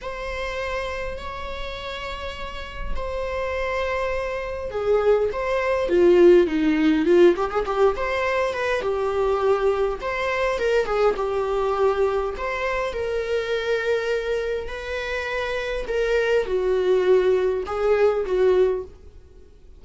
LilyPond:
\new Staff \with { instrumentName = "viola" } { \time 4/4 \tempo 4 = 102 c''2 cis''2~ | cis''4 c''2. | gis'4 c''4 f'4 dis'4 | f'8 g'16 gis'16 g'8 c''4 b'8 g'4~ |
g'4 c''4 ais'8 gis'8 g'4~ | g'4 c''4 ais'2~ | ais'4 b'2 ais'4 | fis'2 gis'4 fis'4 | }